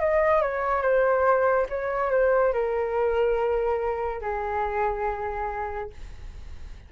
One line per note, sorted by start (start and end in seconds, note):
0.00 0.42 D#5
0.42 0.82 C#5
0.82 1.67 C5
1.70 2.11 C#5
2.11 2.54 C5
2.54 4.22 A#4
4.22 5.91 G#4